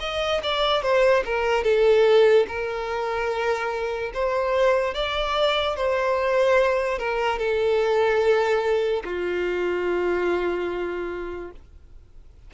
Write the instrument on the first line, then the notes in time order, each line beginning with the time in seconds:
violin
0.00 D#5
0.43 D5
0.82 C5
1.25 A#4
1.64 A4
2.48 A#4
4.14 C5
4.94 D5
5.76 C5
6.98 A#4
7.38 A4
9.04 F4